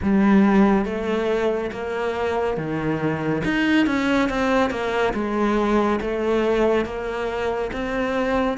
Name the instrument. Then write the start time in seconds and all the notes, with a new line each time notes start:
cello
0.02 G3
0.85 A3
1.71 A#3
2.57 D#3
3.44 D#4
3.86 C#4
4.29 C4
4.70 A#3
5.14 G#3
6.00 A3
6.85 A#3
7.72 C4